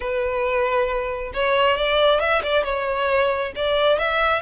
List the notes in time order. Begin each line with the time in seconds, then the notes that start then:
0.00 B4
1.33 C#5
1.76 D5
2.20 E5
2.43 D5
2.64 C#5
3.55 D5
3.98 E5